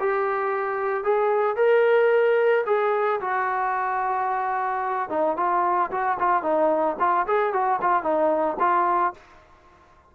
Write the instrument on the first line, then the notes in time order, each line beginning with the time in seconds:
trombone
0.00 G4
1.04 G#4
1.57 A#4
2.67 G#4
3.21 F#4
5.10 D#4
5.37 F4
5.91 F#4
6.20 F4
6.43 D#4
7.00 F4
7.28 G#4
7.53 F#4
7.82 F4
8.03 D#4
8.60 F4